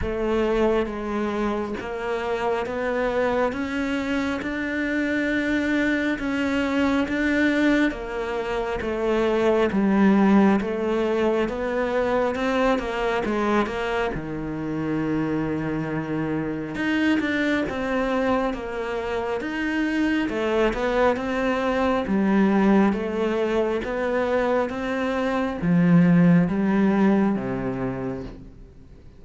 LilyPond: \new Staff \with { instrumentName = "cello" } { \time 4/4 \tempo 4 = 68 a4 gis4 ais4 b4 | cis'4 d'2 cis'4 | d'4 ais4 a4 g4 | a4 b4 c'8 ais8 gis8 ais8 |
dis2. dis'8 d'8 | c'4 ais4 dis'4 a8 b8 | c'4 g4 a4 b4 | c'4 f4 g4 c4 | }